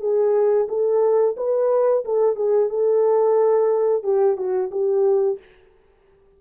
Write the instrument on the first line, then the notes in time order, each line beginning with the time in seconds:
horn
0.00 G#4
0.68 A4
1.37 B4
2.05 A4
2.36 G#4
2.69 A4
4.03 G4
4.37 F#4
4.71 G4